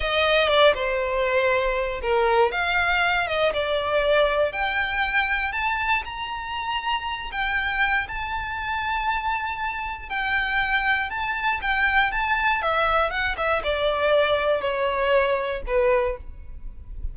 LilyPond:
\new Staff \with { instrumentName = "violin" } { \time 4/4 \tempo 4 = 119 dis''4 d''8 c''2~ c''8 | ais'4 f''4. dis''8 d''4~ | d''4 g''2 a''4 | ais''2~ ais''8 g''4. |
a''1 | g''2 a''4 g''4 | a''4 e''4 fis''8 e''8 d''4~ | d''4 cis''2 b'4 | }